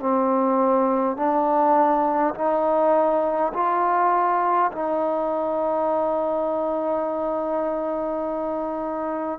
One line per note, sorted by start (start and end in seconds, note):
0.00 1.17 C4
1.17 2.34 D4
2.35 3.52 D#4
3.54 4.72 F4
4.72 9.40 D#4